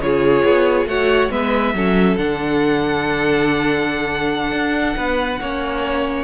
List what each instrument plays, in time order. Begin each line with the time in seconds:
0.00 cello C#3, viola F4, violin G#4 C#5
0.44 cello B3
0.86 cello A3, viola F#4, violin C#5 F#5
1.31 cello G#3, viola B3, violin B4 E5
1.74 cello F#3, viola C#4, violin A4
2.17 cello D3, viola D4, violin F#5
4.52 cello D4
4.97 cello B3, violin B4
5.41 cello A#3, viola C#4, violin C#5